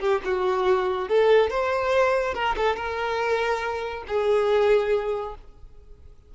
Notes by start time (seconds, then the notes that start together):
0.00 G4
0.24 F#4
1.09 A4
1.50 C5
2.34 A#4
2.56 A4
2.76 A#4
4.07 G#4